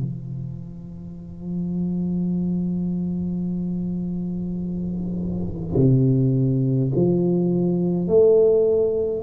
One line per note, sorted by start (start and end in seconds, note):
0.00 5.76 F3
5.76 6.91 C3
6.95 8.08 F3
8.08 9.23 A3